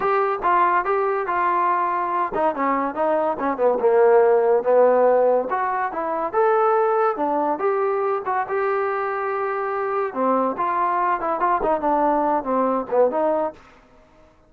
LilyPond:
\new Staff \with { instrumentName = "trombone" } { \time 4/4 \tempo 4 = 142 g'4 f'4 g'4 f'4~ | f'4. dis'8 cis'4 dis'4 | cis'8 b8 ais2 b4~ | b4 fis'4 e'4 a'4~ |
a'4 d'4 g'4. fis'8 | g'1 | c'4 f'4. e'8 f'8 dis'8 | d'4. c'4 b8 dis'4 | }